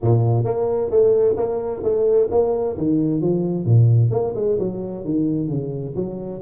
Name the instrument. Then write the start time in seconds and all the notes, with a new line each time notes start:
tuba
0.01 A#2
0.44 A#3
0.90 A3
1.36 A#3
1.83 A3
2.30 A#3
2.77 D#3
3.21 F3
3.65 A#2
4.11 A#3
4.35 G#3
4.58 F#3
5.04 D#3
5.48 C#3
5.95 F#3